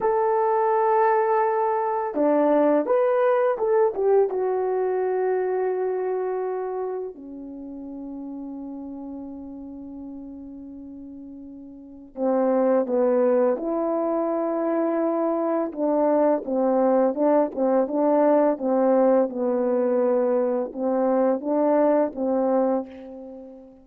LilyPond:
\new Staff \with { instrumentName = "horn" } { \time 4/4 \tempo 4 = 84 a'2. d'4 | b'4 a'8 g'8 fis'2~ | fis'2 cis'2~ | cis'1~ |
cis'4 c'4 b4 e'4~ | e'2 d'4 c'4 | d'8 c'8 d'4 c'4 b4~ | b4 c'4 d'4 c'4 | }